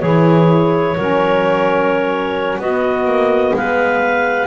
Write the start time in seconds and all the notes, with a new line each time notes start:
0.00 E3 E4 G#4 C#5
0.97 F#3 C#4 A#4
2.58 B3 F#4 D#5
3.04 A#3
3.53 G#3 B4 F5